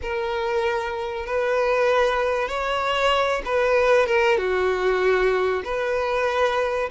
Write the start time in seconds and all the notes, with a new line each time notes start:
0.01 A#4
1.26 B4
2.48 C#5
3.45 B4
4.06 A#4
4.37 F#4
5.64 B4